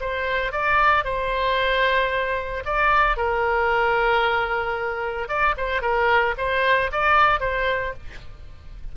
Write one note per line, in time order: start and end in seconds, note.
0.00 0.52 C5
0.52 1.04 D5
1.04 2.63 C5
2.65 3.16 D5
3.16 5.28 A#4
5.28 5.55 D5
5.57 5.81 C5
5.81 6.35 A#4
6.37 6.90 C5
6.92 7.40 D5
7.40 7.93 C5